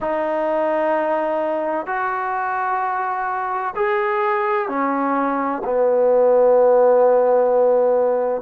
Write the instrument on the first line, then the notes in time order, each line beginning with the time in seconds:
trombone
0.00 D#4
1.86 F#4
3.75 G#4
4.68 C#4
5.64 B3